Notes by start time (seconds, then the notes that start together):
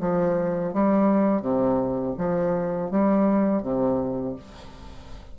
0.00 F3
0.73 G3
1.41 C3
2.18 F3
2.91 G3
3.63 C3